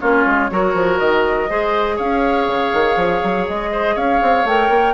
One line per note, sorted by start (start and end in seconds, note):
0.00 0.26 A#3
0.00 0.50 C#4
0.00 0.51 F4
0.00 0.99 C#5
0.26 0.51 G#3
0.50 0.74 F#3
0.50 1.50 F#4
0.50 1.50 A#4
0.74 0.99 F3
0.99 1.49 D#3
0.99 1.98 D#5
1.50 1.99 G#3
1.50 4.47 G#4
1.50 1.96 C5
1.96 2.48 C#4
1.96 3.70 C#5
1.96 3.47 F5
2.48 2.73 C#3
2.73 2.96 D#3
2.96 3.21 F3
3.23 3.48 F#3
3.48 3.96 G#3
3.48 3.97 D#5
3.72 3.95 C5
3.95 4.21 C#4
3.95 4.94 C#5
3.95 4.47 F5
4.22 4.44 C4
4.44 4.69 A3
4.44 4.94 A#4
4.44 4.94 G5
4.70 4.94 A#3